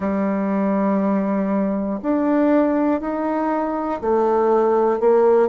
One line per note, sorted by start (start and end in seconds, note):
0.00 2.00 G3
2.02 3.00 D4
3.00 4.00 D#4
4.00 5.00 A3
5.00 5.48 A#3